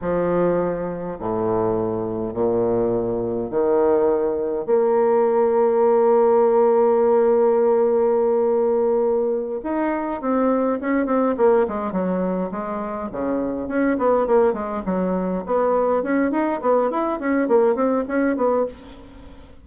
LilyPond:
\new Staff \with { instrumentName = "bassoon" } { \time 4/4 \tempo 4 = 103 f2 a,2 | ais,2 dis2 | ais1~ | ais1~ |
ais8 dis'4 c'4 cis'8 c'8 ais8 | gis8 fis4 gis4 cis4 cis'8 | b8 ais8 gis8 fis4 b4 cis'8 | dis'8 b8 e'8 cis'8 ais8 c'8 cis'8 b8 | }